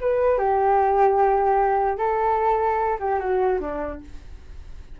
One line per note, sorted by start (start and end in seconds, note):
0.00 0.38 B4
0.38 1.97 G4
1.97 2.98 A4
2.99 3.19 G4
3.19 3.59 F#4
3.60 4.00 D4